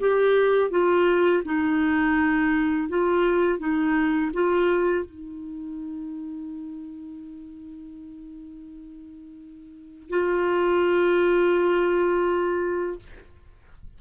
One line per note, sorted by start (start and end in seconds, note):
0.00 0.71 G4
0.71 1.43 F4
1.45 2.89 D#4
2.89 3.59 F4
3.59 4.31 D#4
4.33 5.06 F4
5.06 10.10 D#4
10.10 12.99 F4